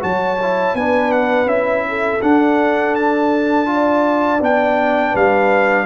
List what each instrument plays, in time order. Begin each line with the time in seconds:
0.00 tuba F#3, trombone F#4, horn C#5, trumpet A5
0.42 trombone E4
0.75 tuba B3, trombone D4, horn B4, trumpet G#5
1.12 trumpet F#5
1.46 tuba C#4, trombone E4, trumpet E5
1.89 horn A4
2.22 tuba D4, trombone D4, trumpet F#5
2.95 trumpet A5
3.66 trombone F4
3.73 horn D5
4.41 tuba B3, trombone D4, trumpet G5
5.12 tuba G3, horn B4, trumpet F5